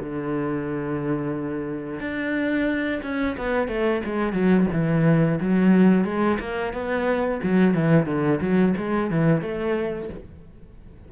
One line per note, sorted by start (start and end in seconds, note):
0.00 2.00 D3
2.00 3.02 D4
3.03 3.37 C#4
3.38 3.68 B3
3.68 4.02 A3
4.05 4.33 G#3
4.33 4.67 F#3
4.73 5.40 E3
5.41 6.05 F#3
6.05 6.39 G#3
6.40 6.73 A#3
6.73 7.41 B3
7.44 7.74 F#3
7.74 8.07 E3
8.07 8.40 D3
8.41 8.75 F#3
8.78 9.11 G#3
9.11 9.42 E3
9.42 10.09 A3